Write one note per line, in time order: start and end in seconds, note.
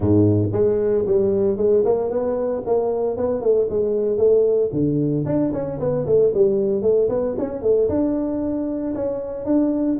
0.00 0.49 G#2
0.52 1.05 G#3
1.06 1.57 G3
1.57 1.83 G#3
1.84 2.10 A#3
2.10 2.62 B3
2.66 3.17 A#3
3.17 3.41 B3
3.41 3.67 A3
3.69 4.17 G#3
4.17 4.70 A3
4.72 5.25 D3
5.25 5.52 D4
5.53 5.79 C#4
5.79 6.05 B3
6.06 6.32 A3
6.33 6.82 G3
6.82 7.08 A3
7.08 7.35 B3
7.38 7.62 C#4
7.62 7.88 A3
7.88 8.94 D4
8.94 9.45 C#4
9.45 9.98 D4